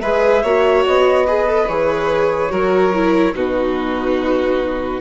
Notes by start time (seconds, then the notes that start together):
0.00 G#3 G#4 B4 E5
0.42 A#3 F#4 C#5
0.86 B3 D#5
1.27 G#4 B4
1.47 A4
1.68 E3 G#4 C#5
2.49 F#3 F#4 A#4
2.94 E4
3.34 B2 D#4 F#4 B4